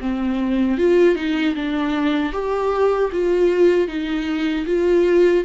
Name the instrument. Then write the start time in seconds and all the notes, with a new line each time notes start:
viola
0.00 C4
0.78 F4
1.15 D#4
1.55 D4
2.32 G4
3.12 F4
3.87 D#4
4.66 F4